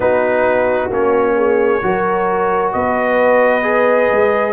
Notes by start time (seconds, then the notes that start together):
0.00 B3 D#4 F#4 B4
0.90 A#3 C#4 C#5
1.36 G#4
1.82 F#3 F#4 A#4
2.72 B3 B4 D#5
3.62 G#4
4.11 G#3